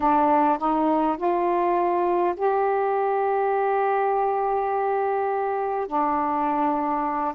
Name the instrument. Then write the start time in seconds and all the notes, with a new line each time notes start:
saxophone
0.00 D4
0.58 D#4
1.17 F4
2.36 G4
5.87 D4